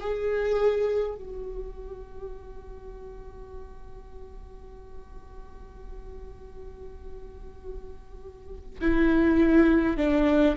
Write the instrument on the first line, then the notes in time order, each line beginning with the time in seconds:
viola
0.00 G#4
1.15 F#4
8.81 E4
9.97 D4